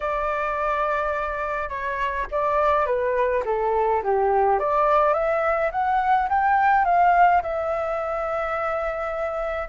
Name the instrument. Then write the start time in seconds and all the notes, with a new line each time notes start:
flute
0.00 D5
1.69 C#5
2.31 D5
2.86 B4
3.45 A4
4.03 G4
4.59 D5
5.13 E5
5.71 F#5
6.29 G5
6.84 F5
7.42 E5